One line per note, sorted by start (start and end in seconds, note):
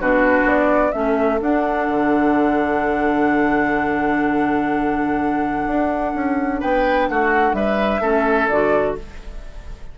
0.00 0.44 B2
0.00 0.92 D4
0.00 0.94 F#4
0.00 0.47 B4
0.44 0.91 B3
0.44 0.92 D5
0.92 1.41 A3
0.92 1.40 C#4
0.92 6.59 A4
0.92 1.39 E5
1.41 1.88 D4
1.41 8.02 D4
1.41 6.61 F#5
1.88 5.66 D3
5.66 6.14 D4
6.14 6.61 C#4
6.59 7.09 B3
6.59 7.07 B4
6.59 7.08 G5
7.08 7.53 A3
7.08 7.56 F#4
7.08 7.54 F#5
7.53 8.00 G3
7.53 8.01 B4
7.53 8.48 E5
8.00 8.47 A3
8.00 8.50 C#4
8.00 8.95 A4
8.48 8.97 D3
8.48 8.98 F#4
8.48 8.95 D5